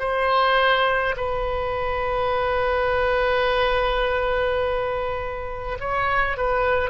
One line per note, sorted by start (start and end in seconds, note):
0.00 1.15 C5
1.17 5.78 B4
5.81 6.37 C#5
6.37 6.91 B4